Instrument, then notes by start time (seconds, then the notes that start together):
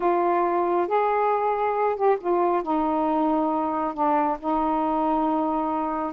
saxophone
0.00 F4
0.87 G#4
1.95 G4
2.20 F4
2.62 D#4
3.93 D4
4.39 D#4